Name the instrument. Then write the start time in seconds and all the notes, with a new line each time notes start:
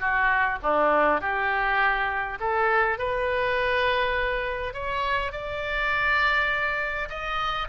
oboe
0.00 F#4
0.62 D4
1.21 G4
2.40 A4
2.98 B4
4.74 C#5
5.32 D5
7.09 D#5